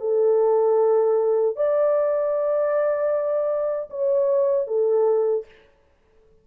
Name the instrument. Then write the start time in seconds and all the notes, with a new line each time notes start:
horn
0.00 A4
1.56 D5
3.90 C#5
4.67 A4